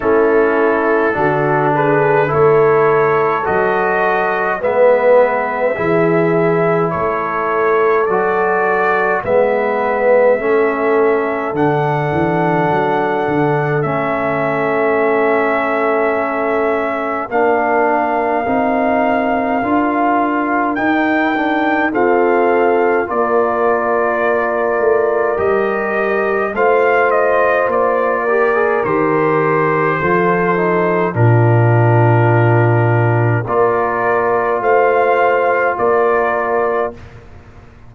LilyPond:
<<
  \new Staff \with { instrumentName = "trumpet" } { \time 4/4 \tempo 4 = 52 a'4. b'8 cis''4 dis''4 | e''2 cis''4 d''4 | e''2 fis''2 | e''2. f''4~ |
f''2 g''4 f''4 | d''2 dis''4 f''8 dis''8 | d''4 c''2 ais'4~ | ais'4 d''4 f''4 d''4 | }
  \new Staff \with { instrumentName = "horn" } { \time 4/4 e'4 fis'8 gis'8 a'2 | b'4 gis'4 a'2 | b'4 a'2.~ | a'2. ais'4~ |
ais'2. a'4 | ais'2. c''4~ | c''8 ais'4. a'4 f'4~ | f'4 ais'4 c''4 ais'4 | }
  \new Staff \with { instrumentName = "trombone" } { \time 4/4 cis'4 d'4 e'4 fis'4 | b4 e'2 fis'4 | b4 cis'4 d'2 | cis'2. d'4 |
dis'4 f'4 dis'8 d'8 c'4 | f'2 g'4 f'4~ | f'8 g'16 gis'16 g'4 f'8 dis'8 d'4~ | d'4 f'2. | }
  \new Staff \with { instrumentName = "tuba" } { \time 4/4 a4 d4 a4 fis4 | gis4 e4 a4 fis4 | gis4 a4 d8 e8 fis8 d8 | a2. ais4 |
c'4 d'4 dis'4 f'4 | ais4. a8 g4 a4 | ais4 dis4 f4 ais,4~ | ais,4 ais4 a4 ais4 | }
>>